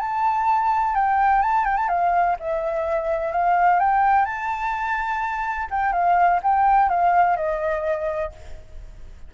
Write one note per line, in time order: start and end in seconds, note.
0.00 0.95 A5
0.95 1.42 G5
1.42 1.65 A5
1.65 1.77 G5
1.77 1.89 A5
1.89 2.37 F5
2.40 3.32 E5
3.32 3.80 F5
3.80 4.26 G5
4.26 5.68 A5
5.71 5.93 G5
5.93 6.41 F5
6.44 6.90 G5
6.90 7.37 F5
7.37 8.32 D#5